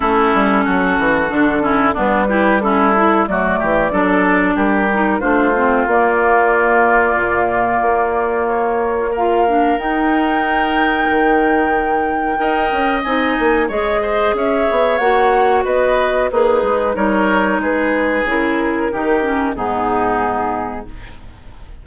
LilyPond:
<<
  \new Staff \with { instrumentName = "flute" } { \time 4/4 \tempo 4 = 92 a'2. b'4 | a'4 d''2 ais'4 | c''4 d''2.~ | d''4 cis''4 f''4 g''4~ |
g''1 | gis''4 dis''4 e''4 fis''4 | dis''4 b'4 cis''4 b'4 | ais'2 gis'2 | }
  \new Staff \with { instrumentName = "oboe" } { \time 4/4 e'4 fis'4. e'8 d'8 g'8 | e'4 fis'8 g'8 a'4 g'4 | f'1~ | f'2 ais'2~ |
ais'2. dis''4~ | dis''4 cis''8 c''8 cis''2 | b'4 dis'4 ais'4 gis'4~ | gis'4 g'4 dis'2 | }
  \new Staff \with { instrumentName = "clarinet" } { \time 4/4 cis'2 d'8 cis'8 b8 e'8 | cis'8 e'8 a4 d'4. dis'8 | d'8 c'8 ais2.~ | ais2 f'8 d'8 dis'4~ |
dis'2. ais'4 | dis'4 gis'2 fis'4~ | fis'4 gis'4 dis'2 | e'4 dis'8 cis'8 b2 | }
  \new Staff \with { instrumentName = "bassoon" } { \time 4/4 a8 g8 fis8 e8 d4 g4~ | g4 fis8 e8 fis4 g4 | a4 ais2 ais,4 | ais2. dis'4~ |
dis'4 dis2 dis'8 cis'8 | c'8 ais8 gis4 cis'8 b8 ais4 | b4 ais8 gis8 g4 gis4 | cis4 dis4 gis,2 | }
>>